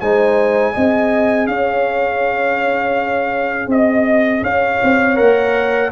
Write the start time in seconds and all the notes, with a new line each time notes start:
0.00 G#3 D#4 C5 G#5
0.73 C4 G#4 D#5
1.47 C#4 C#5 F5
3.67 C4 D#5
4.42 C#4 C#5 F5
4.83 C4
5.15 A#3 A#4 F#5